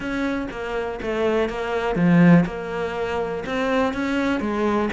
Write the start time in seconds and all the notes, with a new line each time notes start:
0.00 C#4
0.50 A#3
1.01 A3
1.49 A#3
1.95 F3
2.45 A#3
3.46 C4
3.93 C#4
4.40 G#3